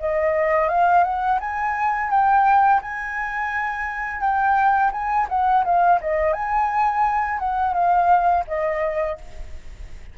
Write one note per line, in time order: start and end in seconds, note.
0.00 0.69 D#5
0.69 1.04 F5
1.04 1.39 F#5
1.40 2.10 G#5
2.10 2.81 G5
2.82 4.21 G#5
4.21 4.91 G5
4.92 5.27 G#5
5.29 5.64 F#5
5.65 6.00 F5
6.01 6.33 D#5
6.33 7.39 G#5
7.39 7.74 F#5
7.74 8.44 F5
8.47 9.18 D#5